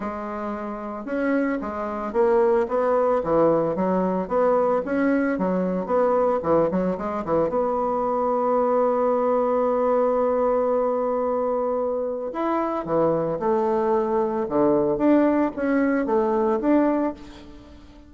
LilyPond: \new Staff \with { instrumentName = "bassoon" } { \time 4/4 \tempo 4 = 112 gis2 cis'4 gis4 | ais4 b4 e4 fis4 | b4 cis'4 fis4 b4 | e8 fis8 gis8 e8 b2~ |
b1~ | b2. e'4 | e4 a2 d4 | d'4 cis'4 a4 d'4 | }